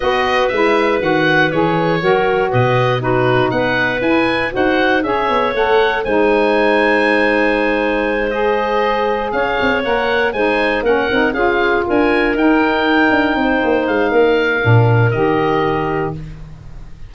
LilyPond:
<<
  \new Staff \with { instrumentName = "oboe" } { \time 4/4 \tempo 4 = 119 dis''4 e''4 fis''4 cis''4~ | cis''4 dis''4 b'4 fis''4 | gis''4 fis''4 e''4 fis''4 | gis''1~ |
gis''8 dis''2 f''4 fis''8~ | fis''8 gis''4 fis''4 f''4 gis''8~ | gis''8 g''2. f''8~ | f''2 dis''2 | }
  \new Staff \with { instrumentName = "clarinet" } { \time 4/4 b'1 | ais'4 b'4 fis'4 b'4~ | b'4 c''4 cis''2 | c''1~ |
c''2~ c''8 cis''4.~ | cis''8 c''4 ais'4 gis'4 ais'8~ | ais'2~ ais'8 c''4. | ais'1 | }
  \new Staff \with { instrumentName = "saxophone" } { \time 4/4 fis'4 e'4 fis'4 gis'4 | fis'2 dis'2 | e'4 fis'4 gis'4 a'4 | dis'1~ |
dis'8 gis'2. ais'8~ | ais'8 dis'4 cis'8 dis'8 f'4.~ | f'8 dis'2.~ dis'8~ | dis'4 d'4 g'2 | }
  \new Staff \with { instrumentName = "tuba" } { \time 4/4 b4 gis4 dis4 e4 | fis4 b,2 b4 | e'4 dis'4 cis'8 b8 a4 | gis1~ |
gis2~ gis8 cis'8 c'8 ais8~ | ais8 gis4 ais8 c'8 cis'4 d'8~ | d'8 dis'4. d'8 c'8 ais8 gis8 | ais4 ais,4 dis2 | }
>>